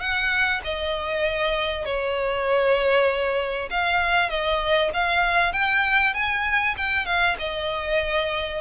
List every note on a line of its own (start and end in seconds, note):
0.00 0.61 F#5
0.64 1.85 D#5
1.85 3.69 C#5
3.70 4.30 F5
4.30 4.91 D#5
4.93 5.53 F5
5.53 6.14 G5
6.14 6.75 G#5
6.77 7.06 G5
7.06 7.36 F5
7.39 8.61 D#5